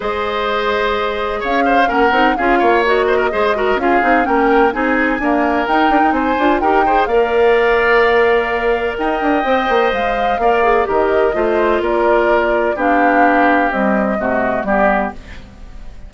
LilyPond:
<<
  \new Staff \with { instrumentName = "flute" } { \time 4/4 \tempo 4 = 127 dis''2. f''4 | fis''4 f''4 dis''2 | f''4 g''4 gis''2 | g''4 gis''4 g''4 f''4~ |
f''2. g''4~ | g''4 f''2 dis''4~ | dis''4 d''2 f''4~ | f''4 dis''2 d''4 | }
  \new Staff \with { instrumentName = "oboe" } { \time 4/4 c''2. cis''8 c''8 | ais'4 gis'8 cis''4 c''16 ais'16 c''8 ais'8 | gis'4 ais'4 gis'4 ais'4~ | ais'4 c''4 ais'8 c''8 d''4~ |
d''2. dis''4~ | dis''2 d''4 ais'4 | c''4 ais'2 g'4~ | g'2 fis'4 g'4 | }
  \new Staff \with { instrumentName = "clarinet" } { \time 4/4 gis'1 | cis'8 dis'8 f'4 fis'4 gis'8 fis'8 | f'8 dis'8 cis'4 dis'4 ais4 | dis'4. f'8 g'8 gis'8 ais'4~ |
ais'1 | c''2 ais'8 gis'8 g'4 | f'2. d'4~ | d'4 g4 a4 b4 | }
  \new Staff \with { instrumentName = "bassoon" } { \time 4/4 gis2. cis'4 | ais8 c'8 cis'8 ais4. gis4 | cis'8 c'8 ais4 c'4 d'4 | dis'8 d'16 dis'16 c'8 d'8 dis'4 ais4~ |
ais2. dis'8 d'8 | c'8 ais8 gis4 ais4 dis4 | a4 ais2 b4~ | b4 c'4 c4 g4 | }
>>